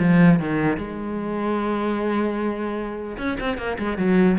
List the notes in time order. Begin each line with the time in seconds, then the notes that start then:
0.00 F3
0.40 D#3
0.78 G#3
3.18 C#4
3.40 C4
3.58 A#3
3.79 G#3
3.98 F#3